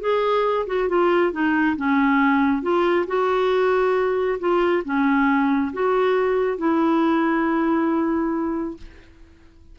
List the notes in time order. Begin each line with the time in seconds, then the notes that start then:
0.00 G#4
0.66 F#4
0.88 F4
1.32 D#4
1.76 C#4
2.62 F4
3.07 F#4
4.39 F4
4.84 C#4
5.73 F#4
6.58 E4